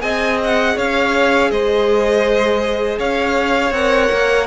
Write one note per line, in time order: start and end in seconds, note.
0.00 0.77 C4
0.00 3.70 G#4
0.00 0.76 D#5
0.00 0.39 G#5
0.44 0.79 F#5
0.76 1.51 C#4
0.76 1.50 C#5
0.76 1.51 F5
1.51 3.00 G#3
1.51 3.00 C5
1.51 2.99 D#5
3.00 3.72 C#4
3.00 4.48 C#5
3.00 3.74 F5
3.72 4.09 C4
3.72 4.48 A#4
3.72 4.48 F#5
4.12 4.48 A#3